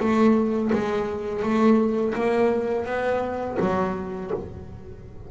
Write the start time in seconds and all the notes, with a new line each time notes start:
0.00 A3
0.73 G#3
1.43 A3
2.15 A#3
2.86 B3
3.60 F#3